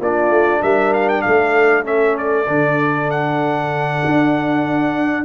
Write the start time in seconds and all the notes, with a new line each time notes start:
0.00 A#3 D4 F4 D5
0.30 A3
0.62 G3 A#4 E5
0.94 F5
1.09 G5
1.22 A3 A4 F5
1.84 C#4 E5
2.18 D5
2.47 D3 D4
3.10 F#5
4.05 D4